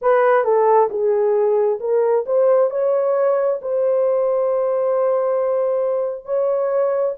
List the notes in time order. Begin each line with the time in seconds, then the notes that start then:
0.01 B4
0.44 A4
0.90 G#4
1.80 A#4
2.26 C5
2.70 C#5
3.61 C5
6.25 C#5